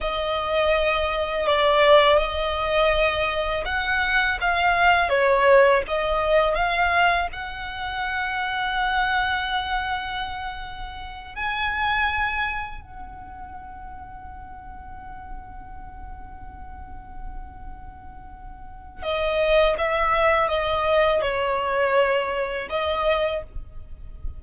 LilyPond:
\new Staff \with { instrumentName = "violin" } { \time 4/4 \tempo 4 = 82 dis''2 d''4 dis''4~ | dis''4 fis''4 f''4 cis''4 | dis''4 f''4 fis''2~ | fis''2.~ fis''8 gis''8~ |
gis''4. fis''2~ fis''8~ | fis''1~ | fis''2 dis''4 e''4 | dis''4 cis''2 dis''4 | }